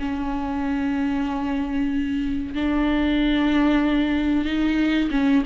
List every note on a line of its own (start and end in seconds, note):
0.00 2.55 C#4
2.55 4.45 D4
4.45 5.10 D#4
5.12 5.44 C#4